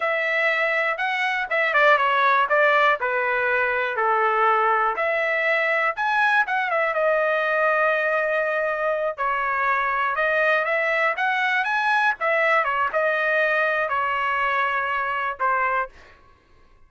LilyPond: \new Staff \with { instrumentName = "trumpet" } { \time 4/4 \tempo 4 = 121 e''2 fis''4 e''8 d''8 | cis''4 d''4 b'2 | a'2 e''2 | gis''4 fis''8 e''8 dis''2~ |
dis''2~ dis''8 cis''4.~ | cis''8 dis''4 e''4 fis''4 gis''8~ | gis''8 e''4 cis''8 dis''2 | cis''2. c''4 | }